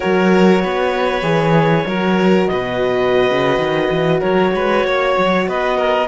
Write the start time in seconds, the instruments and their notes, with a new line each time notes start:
0.00 cello F#3, horn F#4, violin A#4, clarinet C#5
0.62 cello B3, violin B4
1.22 cello E3, horn G#4
1.85 cello F#3, horn F#4, violin A#4
2.47 cello B2, violin B4, clarinet D#5
3.30 cello C#3
3.57 cello D#3
3.90 cello E3
4.20 cello F#3, violin A#4, clarinet C#5
4.53 cello G#3, violin B4
4.84 cello A#3, violin C#5
5.17 cello F#3
5.47 cello B3, violin B4, clarinet D#5
5.77 violin A#4